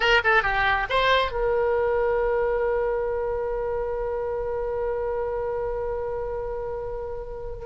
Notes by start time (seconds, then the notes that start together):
0.00 A#4
0.23 A4
0.42 G4
0.89 C5
1.31 A#4